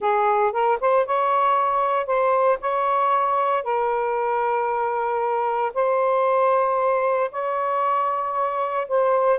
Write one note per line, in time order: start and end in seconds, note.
0.00 0.52 G#4
0.52 0.78 A#4
0.80 1.06 C5
1.06 2.06 C#5
2.06 2.58 C5
2.61 3.63 C#5
3.63 5.72 A#4
5.74 7.30 C5
7.31 8.87 C#5
8.87 9.39 C5